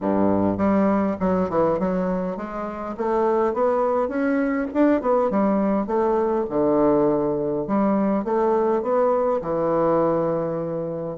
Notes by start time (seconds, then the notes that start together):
0.01 G2
0.57 G3
1.20 F#3
1.49 E3
1.79 F#3
2.36 G#3
2.97 A3
3.53 B3
4.08 C#4
4.73 D4
5.01 B3
5.30 G3
5.86 A3
6.49 D3
7.67 G3
8.24 A3
8.82 B3
9.41 E3